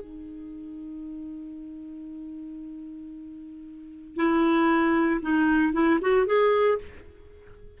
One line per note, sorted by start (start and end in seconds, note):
0.00 4.16 D#4
4.16 5.20 E4
5.21 5.73 D#4
5.73 5.99 E4
6.01 6.26 F#4
6.26 6.78 G#4